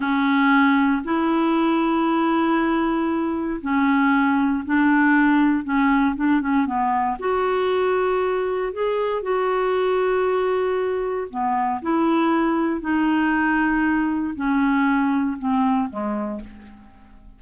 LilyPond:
\new Staff \with { instrumentName = "clarinet" } { \time 4/4 \tempo 4 = 117 cis'2 e'2~ | e'2. cis'4~ | cis'4 d'2 cis'4 | d'8 cis'8 b4 fis'2~ |
fis'4 gis'4 fis'2~ | fis'2 b4 e'4~ | e'4 dis'2. | cis'2 c'4 gis4 | }